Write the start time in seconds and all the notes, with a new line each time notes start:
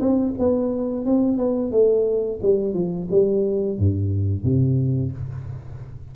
0.00 C4
0.38 B3
1.05 C4
1.37 B3
1.72 A3
2.42 G3
2.74 F3
3.11 G3
3.79 G2
4.43 C3